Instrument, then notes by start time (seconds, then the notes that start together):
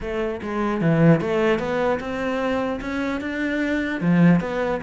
cello
0.00 A3
0.42 G#3
0.81 E3
1.20 A3
1.59 B3
2.00 C4
2.80 C#4
3.20 D4
4.00 F3
4.40 B3